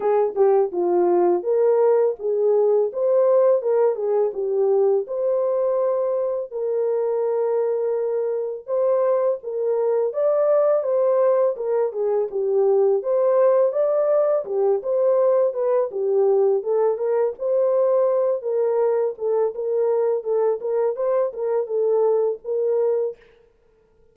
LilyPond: \new Staff \with { instrumentName = "horn" } { \time 4/4 \tempo 4 = 83 gis'8 g'8 f'4 ais'4 gis'4 | c''4 ais'8 gis'8 g'4 c''4~ | c''4 ais'2. | c''4 ais'4 d''4 c''4 |
ais'8 gis'8 g'4 c''4 d''4 | g'8 c''4 b'8 g'4 a'8 ais'8 | c''4. ais'4 a'8 ais'4 | a'8 ais'8 c''8 ais'8 a'4 ais'4 | }